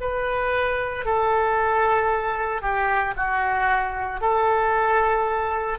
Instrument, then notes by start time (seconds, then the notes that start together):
oboe
0.00 B4
1.05 A4
2.61 G4
3.16 F#4
4.21 A4